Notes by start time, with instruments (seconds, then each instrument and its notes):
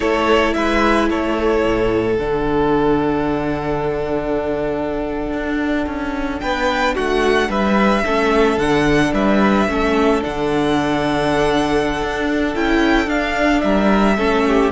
0.00 cello A3, viola E4, violin A4 C#5
0.53 cello G#3, violin B4 E5
1.09 cello A3, violin A4 C#5
1.64 cello A2
2.18 cello D3, viola D4, violin F#5
5.32 cello D4
5.86 cello C#4
6.39 cello B3, violin B4 G5
6.94 cello A3, violin F#4 F#5
7.48 cello G3, violin B4 E5
8.04 cello A3, viola C#4, violin A4
8.57 cello D3, viola D4, violin F#5
9.13 cello G3, violin B4 E5
9.67 cello A3, viola C#4, violin A4
10.21 cello D3, viola D4, violin F#5
12.02 cello D4
12.55 cello C#4, viola E4, violin G5
13.06 cello D4, viola D4, violin F5
13.61 cello G3, violin A#4 E5
14.16 cello A3, viola C#4, violin A4
14.47 violin G4